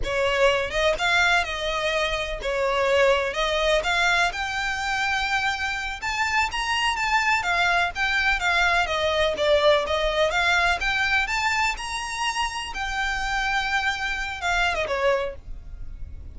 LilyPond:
\new Staff \with { instrumentName = "violin" } { \time 4/4 \tempo 4 = 125 cis''4. dis''8 f''4 dis''4~ | dis''4 cis''2 dis''4 | f''4 g''2.~ | g''8 a''4 ais''4 a''4 f''8~ |
f''8 g''4 f''4 dis''4 d''8~ | d''8 dis''4 f''4 g''4 a''8~ | a''8 ais''2 g''4.~ | g''2 f''8. dis''16 cis''4 | }